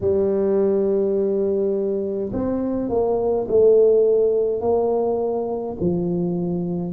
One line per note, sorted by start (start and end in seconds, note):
0.00 2.31 G3
2.32 2.89 C4
2.89 3.47 A#3
3.48 4.60 A3
4.60 5.76 A#3
5.80 6.93 F3